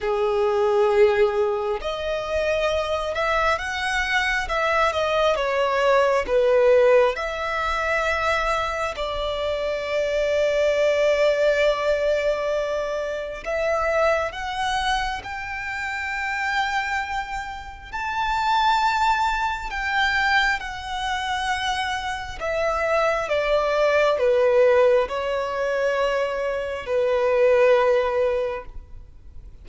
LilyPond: \new Staff \with { instrumentName = "violin" } { \time 4/4 \tempo 4 = 67 gis'2 dis''4. e''8 | fis''4 e''8 dis''8 cis''4 b'4 | e''2 d''2~ | d''2. e''4 |
fis''4 g''2. | a''2 g''4 fis''4~ | fis''4 e''4 d''4 b'4 | cis''2 b'2 | }